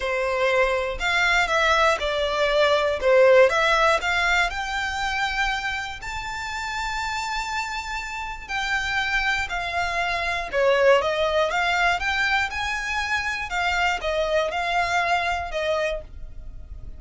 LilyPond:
\new Staff \with { instrumentName = "violin" } { \time 4/4 \tempo 4 = 120 c''2 f''4 e''4 | d''2 c''4 e''4 | f''4 g''2. | a''1~ |
a''4 g''2 f''4~ | f''4 cis''4 dis''4 f''4 | g''4 gis''2 f''4 | dis''4 f''2 dis''4 | }